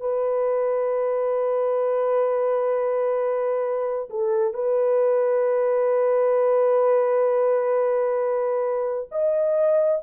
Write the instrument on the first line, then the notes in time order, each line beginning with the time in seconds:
horn
0.00 B4
4.10 A4
4.54 B4
9.11 D#5